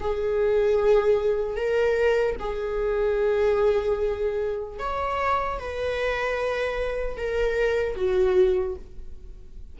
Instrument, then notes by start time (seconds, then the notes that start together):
viola
0.00 G#4
1.56 A#4
2.39 G#4
4.79 C#5
5.59 B4
7.17 A#4
7.95 F#4